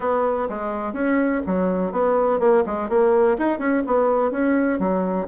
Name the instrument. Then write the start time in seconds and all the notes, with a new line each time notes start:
bassoon
0.00 B3
0.49 G#3
0.93 C#4
1.46 F#3
1.92 B3
2.39 A#3
2.66 G#3
2.89 A#3
3.38 D#4
3.58 C#4
3.86 B3
4.31 C#4
4.79 F#3